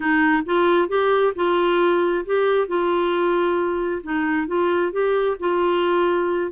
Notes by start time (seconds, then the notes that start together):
0.00 D#4
0.45 F4
0.88 G4
1.35 F4
2.25 G4
2.67 F4
4.03 D#4
4.47 F4
4.92 G4
5.39 F4